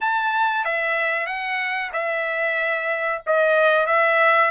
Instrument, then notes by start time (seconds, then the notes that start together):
trumpet
0.01 A5
0.65 E5
1.26 F#5
1.92 E5
3.26 D#5
3.86 E5